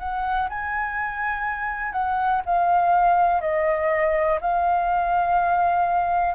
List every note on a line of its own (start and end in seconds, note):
0.00 0.49 F#5
0.50 1.93 G#5
1.93 2.42 F#5
2.46 3.41 F5
3.41 4.39 D#5
4.41 6.35 F5